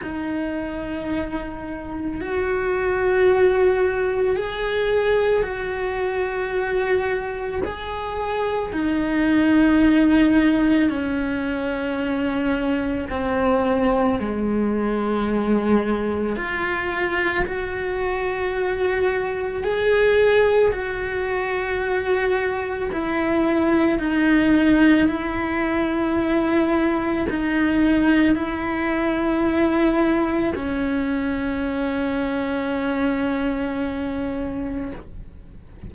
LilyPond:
\new Staff \with { instrumentName = "cello" } { \time 4/4 \tempo 4 = 55 dis'2 fis'2 | gis'4 fis'2 gis'4 | dis'2 cis'2 | c'4 gis2 f'4 |
fis'2 gis'4 fis'4~ | fis'4 e'4 dis'4 e'4~ | e'4 dis'4 e'2 | cis'1 | }